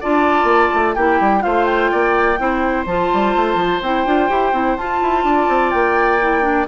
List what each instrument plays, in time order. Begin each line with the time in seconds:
0.00 bassoon D4, clarinet F4, oboe D5, flute A5
0.44 bassoon A#3
0.74 bassoon A3
0.95 bassoon A#3, clarinet E4, oboe G4, flute G5
1.20 bassoon G3
1.41 bassoon A3, clarinet F4, oboe C5, flute F5
1.65 flute G5
1.91 bassoon A#3, oboe D5
2.38 bassoon C4, clarinet E4, oboe C5
2.86 bassoon F3, clarinet F4, flute A5
3.13 bassoon G3
3.36 bassoon A3
3.55 bassoon F3
3.82 bassoon C4, clarinet E4, flute G5
4.06 bassoon D4, clarinet F4
4.29 bassoon E4, clarinet G4
4.53 bassoon C4, clarinet E4
4.77 bassoon F4, clarinet F4, flute A5
5.02 bassoon E4
5.24 bassoon D4, oboe D5
5.49 bassoon C4
5.70 bassoon A#3, flute G5
6.21 clarinet E4
6.42 clarinet D4